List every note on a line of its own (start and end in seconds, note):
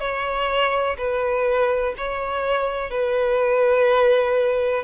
0.00 0.97 C#5
0.98 1.94 B4
1.98 2.90 C#5
2.90 4.84 B4